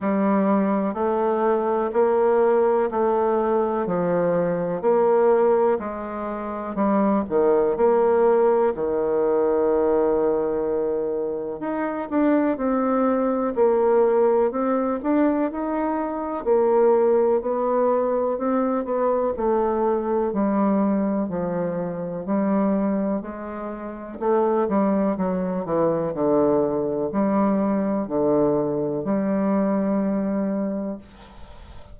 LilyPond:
\new Staff \with { instrumentName = "bassoon" } { \time 4/4 \tempo 4 = 62 g4 a4 ais4 a4 | f4 ais4 gis4 g8 dis8 | ais4 dis2. | dis'8 d'8 c'4 ais4 c'8 d'8 |
dis'4 ais4 b4 c'8 b8 | a4 g4 f4 g4 | gis4 a8 g8 fis8 e8 d4 | g4 d4 g2 | }